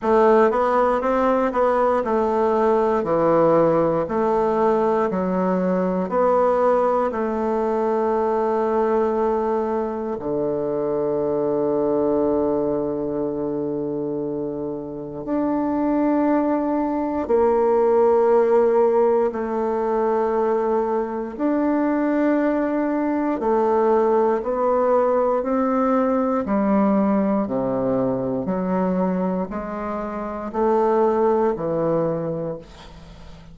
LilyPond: \new Staff \with { instrumentName = "bassoon" } { \time 4/4 \tempo 4 = 59 a8 b8 c'8 b8 a4 e4 | a4 fis4 b4 a4~ | a2 d2~ | d2. d'4~ |
d'4 ais2 a4~ | a4 d'2 a4 | b4 c'4 g4 c4 | fis4 gis4 a4 e4 | }